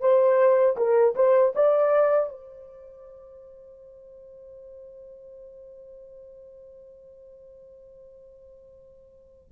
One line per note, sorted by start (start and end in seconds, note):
0.00 0.76 C5
0.76 1.14 A#4
1.15 1.53 C5
1.55 2.29 D5
2.29 9.51 C5